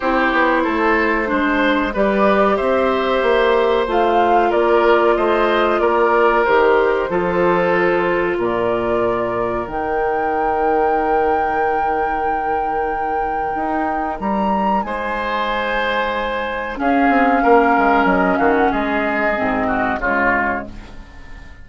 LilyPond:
<<
  \new Staff \with { instrumentName = "flute" } { \time 4/4 \tempo 4 = 93 c''2. d''4 | e''2 f''4 d''4 | dis''4 d''4 c''2~ | c''4 d''2 g''4~ |
g''1~ | g''2 ais''4 gis''4~ | gis''2 f''2 | dis''8 f''16 fis''16 dis''2 cis''4 | }
  \new Staff \with { instrumentName = "oboe" } { \time 4/4 g'4 a'4 c''4 b'4 | c''2. ais'4 | c''4 ais'2 a'4~ | a'4 ais'2.~ |
ais'1~ | ais'2. c''4~ | c''2 gis'4 ais'4~ | ais'8 fis'8 gis'4. fis'8 f'4 | }
  \new Staff \with { instrumentName = "clarinet" } { \time 4/4 e'2 d'4 g'4~ | g'2 f'2~ | f'2 g'4 f'4~ | f'2. dis'4~ |
dis'1~ | dis'1~ | dis'2 cis'2~ | cis'2 c'4 gis4 | }
  \new Staff \with { instrumentName = "bassoon" } { \time 4/4 c'8 b8 a4 gis4 g4 | c'4 ais4 a4 ais4 | a4 ais4 dis4 f4~ | f4 ais,2 dis4~ |
dis1~ | dis4 dis'4 g4 gis4~ | gis2 cis'8 c'8 ais8 gis8 | fis8 dis8 gis4 gis,4 cis4 | }
>>